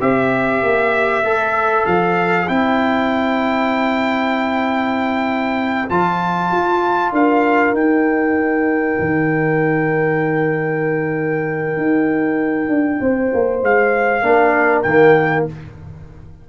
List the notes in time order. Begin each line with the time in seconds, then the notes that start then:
0.00 C4 G4 C5 E5
0.62 A#3
1.22 A3 A4
1.86 F3 F5
2.47 C4 E4 G5
5.89 F3 F4 A5
6.51 F4
7.12 D4 A#4 F5
7.73 D#4 G5
8.99 D#3
11.76 D#4
12.69 D4
13.01 C4 C5
13.34 A#3
13.62 G#3 F5
14.22 A#3 D4 A#4
14.82 D#3 A#3 G5